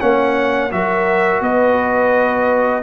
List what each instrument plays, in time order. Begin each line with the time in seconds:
0.00 tuba A#3, trombone C#4, horn C#5, trumpet F#5
0.72 tuba F#3, trombone F#4, horn A#4, trumpet E5
1.41 tuba B3, horn B4, trumpet D#5